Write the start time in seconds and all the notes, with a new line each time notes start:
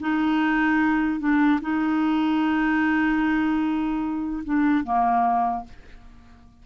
0.00 D#4
1.20 D4
1.61 D#4
4.44 D4
4.83 A#3